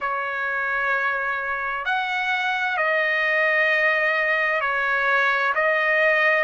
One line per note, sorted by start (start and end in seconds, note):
0.00 1.85 C#5
1.85 2.77 F#5
2.77 4.61 D#5
4.61 5.53 C#5
5.54 6.44 D#5